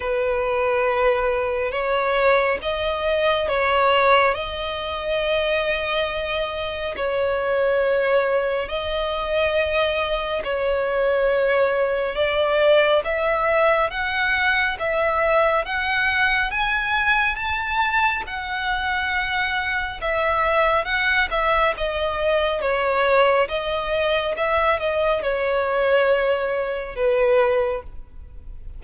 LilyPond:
\new Staff \with { instrumentName = "violin" } { \time 4/4 \tempo 4 = 69 b'2 cis''4 dis''4 | cis''4 dis''2. | cis''2 dis''2 | cis''2 d''4 e''4 |
fis''4 e''4 fis''4 gis''4 | a''4 fis''2 e''4 | fis''8 e''8 dis''4 cis''4 dis''4 | e''8 dis''8 cis''2 b'4 | }